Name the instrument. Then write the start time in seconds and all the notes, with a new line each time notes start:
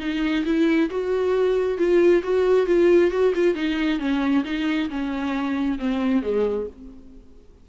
viola
0.00 D#4
0.45 E4
0.90 F#4
1.78 F4
2.23 F#4
2.66 F4
3.11 F#4
3.35 F4
3.55 D#4
3.99 C#4
4.45 D#4
4.89 C#4
5.79 C4
6.23 G#3